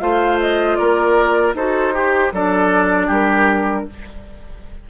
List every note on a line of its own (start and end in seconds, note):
0.00 0.78 A3
0.00 1.54 F4
0.00 0.78 C5
0.00 0.38 F5
0.41 0.76 D#5
0.76 1.54 A#3
0.76 1.55 A#4
0.76 1.53 D5
1.54 2.31 D#4
1.54 1.93 F#4
1.54 1.94 A4
1.54 2.33 C5
1.93 2.32 G4
2.32 3.08 F#3
2.32 3.89 D4
2.32 3.07 A4
2.32 3.11 D5
3.07 3.85 G3
3.07 3.84 G4
3.07 3.89 A#4